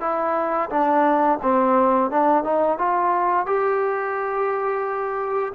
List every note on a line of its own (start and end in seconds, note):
0.00 0.69 E4
0.70 1.39 D4
1.42 2.10 C4
2.10 2.44 D4
2.44 2.78 D#4
2.78 3.46 F4
3.46 5.53 G4